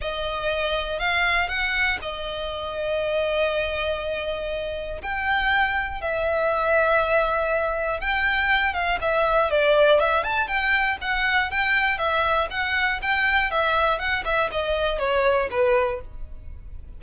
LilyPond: \new Staff \with { instrumentName = "violin" } { \time 4/4 \tempo 4 = 120 dis''2 f''4 fis''4 | dis''1~ | dis''2 g''2 | e''1 |
g''4. f''8 e''4 d''4 | e''8 a''8 g''4 fis''4 g''4 | e''4 fis''4 g''4 e''4 | fis''8 e''8 dis''4 cis''4 b'4 | }